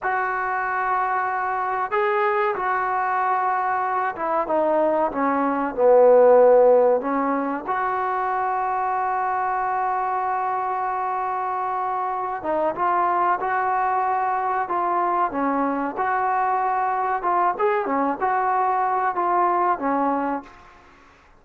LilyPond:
\new Staff \with { instrumentName = "trombone" } { \time 4/4 \tempo 4 = 94 fis'2. gis'4 | fis'2~ fis'8 e'8 dis'4 | cis'4 b2 cis'4 | fis'1~ |
fis'2.~ fis'8 dis'8 | f'4 fis'2 f'4 | cis'4 fis'2 f'8 gis'8 | cis'8 fis'4. f'4 cis'4 | }